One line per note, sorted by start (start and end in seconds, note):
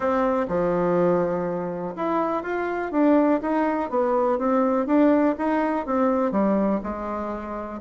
0.00 0.46 C4
0.48 1.94 F3
1.96 2.42 E4
2.42 2.91 F4
2.91 3.40 D4
3.41 3.90 D#4
3.90 4.38 B3
4.38 4.86 C4
4.86 5.35 D4
5.37 5.86 D#4
5.86 6.31 C4
6.31 6.80 G3
6.83 7.80 G#3